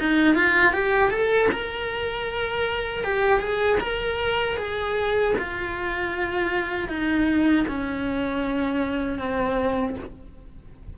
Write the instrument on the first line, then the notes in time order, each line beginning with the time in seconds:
cello
0.00 D#4
0.35 F4
0.73 G4
1.11 A4
1.52 A#4
3.04 G4
3.40 G#4
3.80 A#4
4.57 G#4
5.38 F4
6.89 D#4
7.68 C#4
9.19 C4